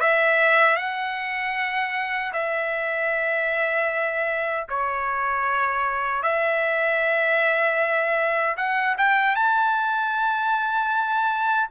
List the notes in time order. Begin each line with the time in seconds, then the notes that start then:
0.00 E5
0.76 F#5
2.33 E5
4.69 C#5
6.22 E5
8.57 F#5
8.98 G5
9.35 A5